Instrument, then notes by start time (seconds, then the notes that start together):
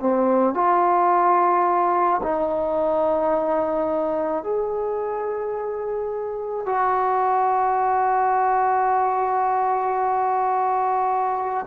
trombone
0.00 C4
0.55 F4
2.23 D#4
4.43 G#4
6.66 F#4